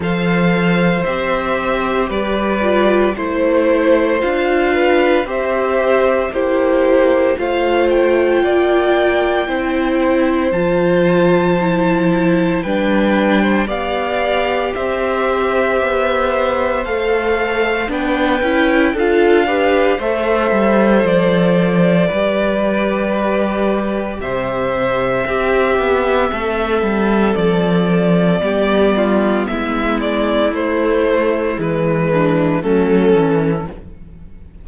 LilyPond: <<
  \new Staff \with { instrumentName = "violin" } { \time 4/4 \tempo 4 = 57 f''4 e''4 d''4 c''4 | f''4 e''4 c''4 f''8 g''8~ | g''2 a''2 | g''4 f''4 e''2 |
f''4 g''4 f''4 e''4 | d''2. e''4~ | e''2 d''2 | e''8 d''8 c''4 b'4 a'4 | }
  \new Staff \with { instrumentName = "violin" } { \time 4/4 c''2 b'4 c''4~ | c''8 b'8 c''4 g'4 c''4 | d''4 c''2. | b'8. c''16 d''4 c''2~ |
c''4 b'4 a'8 b'8 c''4~ | c''4 b'2 c''4 | g'4 a'2 g'8 f'8 | e'2~ e'8 d'8 cis'4 | }
  \new Staff \with { instrumentName = "viola" } { \time 4/4 a'4 g'4. f'8 e'4 | f'4 g'4 e'4 f'4~ | f'4 e'4 f'4 e'4 | d'4 g'2. |
a'4 d'8 e'8 f'8 g'8 a'4~ | a'4 g'2. | c'2. b4~ | b4 a4 gis4 a8 cis'8 | }
  \new Staff \with { instrumentName = "cello" } { \time 4/4 f4 c'4 g4 a4 | d'4 c'4 ais4 a4 | ais4 c'4 f2 | g4 b4 c'4 b4 |
a4 b8 cis'8 d'4 a8 g8 | f4 g2 c4 | c'8 b8 a8 g8 f4 g4 | gis4 a4 e4 fis8 e8 | }
>>